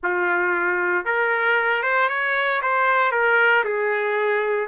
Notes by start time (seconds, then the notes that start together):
0.03 F4
1.05 A#4
1.83 C5
2.08 C#5
2.62 C5
3.11 A#4
3.64 G#4